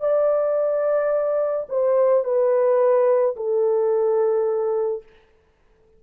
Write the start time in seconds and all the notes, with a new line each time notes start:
0.00 D5
1.69 C5
2.24 B4
3.36 A4